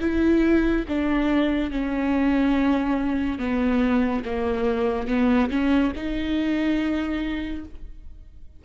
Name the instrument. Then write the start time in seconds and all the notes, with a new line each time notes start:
viola
0.00 E4
0.88 D4
1.71 C#4
3.38 B3
4.25 A#3
5.07 B3
5.50 C#4
5.95 D#4